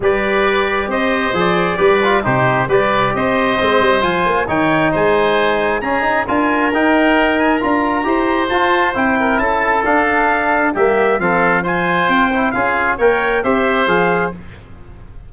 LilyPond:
<<
  \new Staff \with { instrumentName = "trumpet" } { \time 4/4 \tempo 4 = 134 d''2 dis''4 d''4~ | d''4 c''4 d''4 dis''4~ | dis''4 gis''4 g''4 gis''4~ | gis''4 ais''4 gis''4 g''4~ |
g''8 gis''8 ais''2 a''4 | g''4 a''4 f''2 | e''4 f''4 gis''4 g''4 | f''4 g''4 e''4 f''4 | }
  \new Staff \with { instrumentName = "oboe" } { \time 4/4 b'2 c''2 | b'4 g'4 b'4 c''4~ | c''2 cis''4 c''4~ | c''4 gis'4 ais'2~ |
ais'2 c''2~ | c''8 ais'8 a'2. | g'4 a'4 c''2 | gis'4 cis''4 c''2 | }
  \new Staff \with { instrumentName = "trombone" } { \time 4/4 g'2. gis'4 | g'8 f'8 dis'4 g'2 | c'4 f'4 dis'2~ | dis'4 cis'8 dis'8 f'4 dis'4~ |
dis'4 f'4 g'4 f'4 | e'2 d'2 | ais4 c'4 f'4. e'8 | f'4 ais'4 g'4 gis'4 | }
  \new Staff \with { instrumentName = "tuba" } { \time 4/4 g2 c'4 f4 | g4 c4 g4 c'4 | gis8 g8 f8 ais8 dis4 gis4~ | gis4 cis'4 d'4 dis'4~ |
dis'4 d'4 e'4 f'4 | c'4 cis'4 d'2 | g4 f2 c'4 | cis'4 ais4 c'4 f4 | }
>>